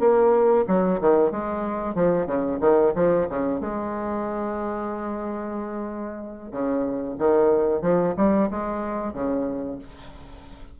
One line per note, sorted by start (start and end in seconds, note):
0.00 0.65 A#3
0.68 1.00 F#3
1.01 1.32 D#3
1.32 1.95 G#3
1.95 2.27 F3
2.27 2.59 C#3
2.61 2.93 D#3
2.96 3.28 F3
3.30 3.61 C#3
3.61 6.52 G#3
6.52 7.17 C#3
7.19 7.82 D#3
7.82 8.15 F3
8.17 8.50 G3
8.51 9.14 G#3
9.14 9.79 C#3